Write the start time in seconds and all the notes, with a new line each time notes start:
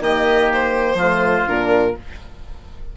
0.00 D#3 A#3 G4 D#5
0.53 C5
0.95 F3 A3 F4
1.47 A#2 D4 A#4